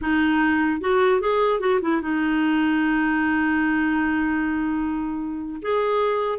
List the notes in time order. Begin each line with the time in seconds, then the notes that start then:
0.01 D#4
0.81 F#4
1.20 G#4
1.60 F#4
1.81 E4
2.01 D#4
5.62 G#4